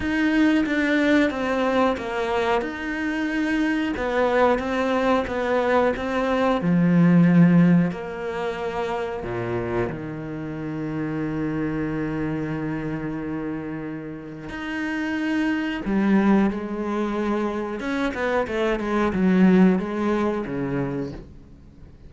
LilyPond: \new Staff \with { instrumentName = "cello" } { \time 4/4 \tempo 4 = 91 dis'4 d'4 c'4 ais4 | dis'2 b4 c'4 | b4 c'4 f2 | ais2 ais,4 dis4~ |
dis1~ | dis2 dis'2 | g4 gis2 cis'8 b8 | a8 gis8 fis4 gis4 cis4 | }